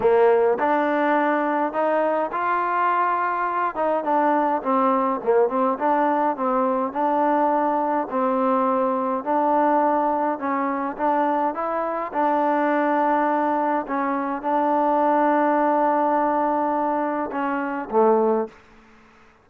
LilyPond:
\new Staff \with { instrumentName = "trombone" } { \time 4/4 \tempo 4 = 104 ais4 d'2 dis'4 | f'2~ f'8 dis'8 d'4 | c'4 ais8 c'8 d'4 c'4 | d'2 c'2 |
d'2 cis'4 d'4 | e'4 d'2. | cis'4 d'2.~ | d'2 cis'4 a4 | }